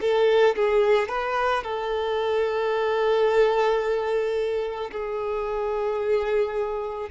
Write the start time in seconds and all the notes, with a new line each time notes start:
0.00 A4
0.55 G#4
1.08 B4
1.63 A4
4.91 G#4